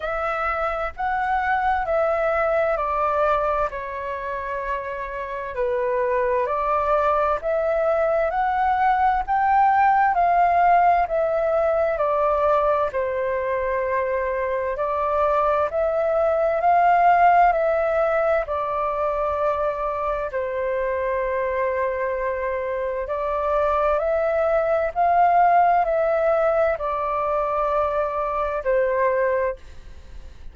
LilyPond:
\new Staff \with { instrumentName = "flute" } { \time 4/4 \tempo 4 = 65 e''4 fis''4 e''4 d''4 | cis''2 b'4 d''4 | e''4 fis''4 g''4 f''4 | e''4 d''4 c''2 |
d''4 e''4 f''4 e''4 | d''2 c''2~ | c''4 d''4 e''4 f''4 | e''4 d''2 c''4 | }